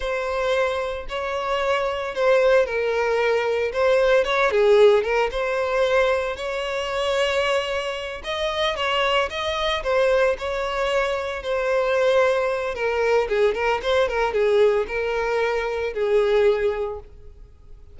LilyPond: \new Staff \with { instrumentName = "violin" } { \time 4/4 \tempo 4 = 113 c''2 cis''2 | c''4 ais'2 c''4 | cis''8 gis'4 ais'8 c''2 | cis''2.~ cis''8 dis''8~ |
dis''8 cis''4 dis''4 c''4 cis''8~ | cis''4. c''2~ c''8 | ais'4 gis'8 ais'8 c''8 ais'8 gis'4 | ais'2 gis'2 | }